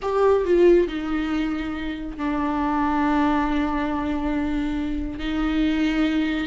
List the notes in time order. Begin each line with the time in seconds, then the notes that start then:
0.02 G4
0.44 F4
0.87 D#4
2.17 D4
5.19 D#4